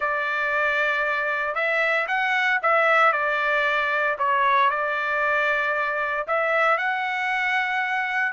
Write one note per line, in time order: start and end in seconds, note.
0.00 1.54 D5
1.54 2.07 E5
2.07 2.59 F#5
2.62 3.12 E5
3.12 4.16 D5
4.18 4.70 C#5
4.70 6.26 D5
6.27 6.77 E5
6.77 8.32 F#5